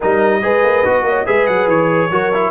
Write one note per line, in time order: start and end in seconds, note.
0.00 0.44 G3
0.00 0.42 D#4
0.00 0.41 A#4
0.00 1.26 D#5
0.42 0.63 G#3
0.42 0.84 G#4
0.42 1.06 B4
0.63 0.84 A#3
0.84 1.03 B3
0.84 1.26 F#4
1.03 1.24 A#3
1.03 1.26 C#5
1.26 1.48 G#3
1.26 2.10 G#4
1.26 2.10 B4
1.26 1.46 E5
1.46 1.66 F#3
1.46 1.67 F#5
1.66 2.09 E3
1.66 2.50 C#5
2.10 2.50 F#3
2.10 2.32 F#4
2.10 2.50 A#4
2.33 2.50 E4